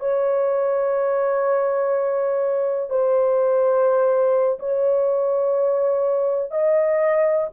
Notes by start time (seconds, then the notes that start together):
0.00 C#5
2.90 C5
4.60 C#5
6.51 D#5